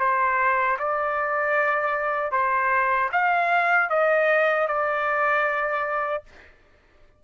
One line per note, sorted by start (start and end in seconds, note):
0.00 0.78 C5
0.79 2.32 D5
2.32 3.10 C5
3.12 3.90 F5
3.90 4.68 D#5
4.68 6.24 D5